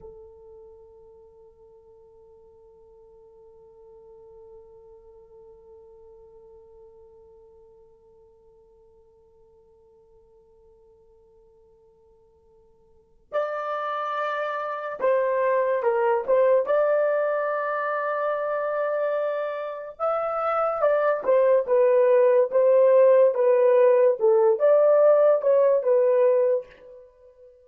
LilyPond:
\new Staff \with { instrumentName = "horn" } { \time 4/4 \tempo 4 = 72 a'1~ | a'1~ | a'1~ | a'1 |
d''2 c''4 ais'8 c''8 | d''1 | e''4 d''8 c''8 b'4 c''4 | b'4 a'8 d''4 cis''8 b'4 | }